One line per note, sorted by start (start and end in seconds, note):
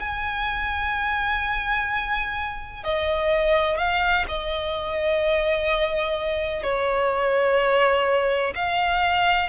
0.00 2.84 G#5
2.84 3.78 D#5
3.78 4.26 F5
4.29 6.63 D#5
6.63 8.54 C#5
8.55 9.49 F5